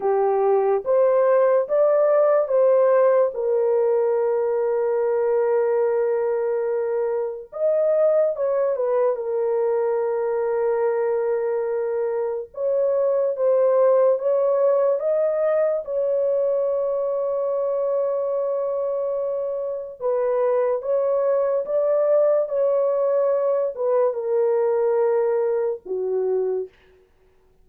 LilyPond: \new Staff \with { instrumentName = "horn" } { \time 4/4 \tempo 4 = 72 g'4 c''4 d''4 c''4 | ais'1~ | ais'4 dis''4 cis''8 b'8 ais'4~ | ais'2. cis''4 |
c''4 cis''4 dis''4 cis''4~ | cis''1 | b'4 cis''4 d''4 cis''4~ | cis''8 b'8 ais'2 fis'4 | }